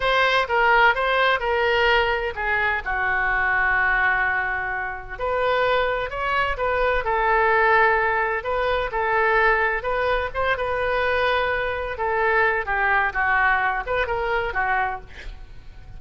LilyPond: \new Staff \with { instrumentName = "oboe" } { \time 4/4 \tempo 4 = 128 c''4 ais'4 c''4 ais'4~ | ais'4 gis'4 fis'2~ | fis'2. b'4~ | b'4 cis''4 b'4 a'4~ |
a'2 b'4 a'4~ | a'4 b'4 c''8 b'4.~ | b'4. a'4. g'4 | fis'4. b'8 ais'4 fis'4 | }